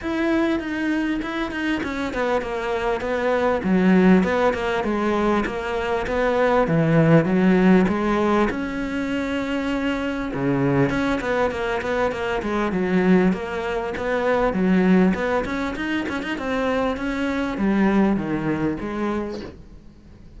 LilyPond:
\new Staff \with { instrumentName = "cello" } { \time 4/4 \tempo 4 = 99 e'4 dis'4 e'8 dis'8 cis'8 b8 | ais4 b4 fis4 b8 ais8 | gis4 ais4 b4 e4 | fis4 gis4 cis'2~ |
cis'4 cis4 cis'8 b8 ais8 b8 | ais8 gis8 fis4 ais4 b4 | fis4 b8 cis'8 dis'8 cis'16 dis'16 c'4 | cis'4 g4 dis4 gis4 | }